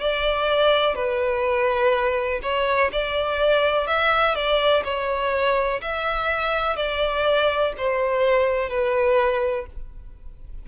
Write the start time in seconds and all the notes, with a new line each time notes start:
0.00 D5
0.95 B4
2.42 C#5
2.92 D5
3.87 E5
4.35 D5
4.84 C#5
5.81 E5
6.76 D5
7.77 C5
8.69 B4